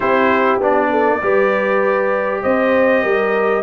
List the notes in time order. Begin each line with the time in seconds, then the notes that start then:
0.00 C4 E4 G4 C5
0.59 B3 D4 D5
0.90 A4
1.22 G3 G4 B4
2.42 C4 C5 D#5
3.03 G3 A#4